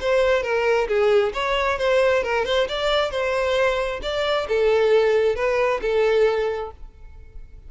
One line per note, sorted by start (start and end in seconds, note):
0.00 0.43 C5
0.43 0.87 A#4
0.88 1.32 G#4
1.33 1.78 C#5
1.78 2.23 C5
2.23 2.45 A#4
2.45 2.67 C5
2.68 3.10 D5
3.10 4.00 C5
4.02 4.47 D5
4.48 5.35 A4
5.35 5.80 B4
5.81 6.71 A4